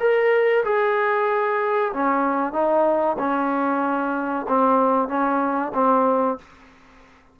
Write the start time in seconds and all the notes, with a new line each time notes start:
0.00 A#4
0.64 G#4
1.93 C#4
2.53 D#4
3.19 C#4
4.48 C4
5.08 C#4
5.74 C4